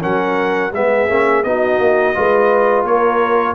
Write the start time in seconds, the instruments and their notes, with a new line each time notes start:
0.00 tuba F#3, trombone C#4, horn A#4, trumpet F#5
0.72 tuba G#3, trombone B3, horn G#4, trumpet E5
1.08 tuba A#3, trombone C#4
1.43 tuba B3, trombone D#4, horn F#4, trumpet D#5
1.78 tuba A#3
2.15 tuba G#3, trombone F4, horn B4
2.83 tuba A#3, horn A#4, trumpet C#5